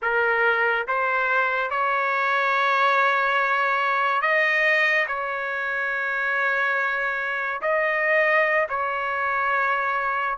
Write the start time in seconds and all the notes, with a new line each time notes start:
0.02 A#4
0.87 C5
1.70 C#5
4.21 D#5
5.07 C#5
7.61 D#5
8.69 C#5